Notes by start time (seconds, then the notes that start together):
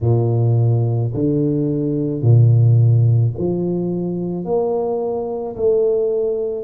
0.01 A#2
1.14 D3
2.22 A#2
3.37 F3
4.44 A#3
5.56 A3